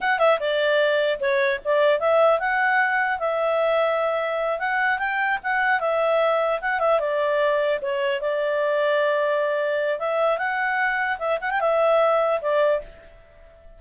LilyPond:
\new Staff \with { instrumentName = "clarinet" } { \time 4/4 \tempo 4 = 150 fis''8 e''8 d''2 cis''4 | d''4 e''4 fis''2 | e''2.~ e''8 fis''8~ | fis''8 g''4 fis''4 e''4.~ |
e''8 fis''8 e''8 d''2 cis''8~ | cis''8 d''2.~ d''8~ | d''4 e''4 fis''2 | e''8 fis''16 g''16 e''2 d''4 | }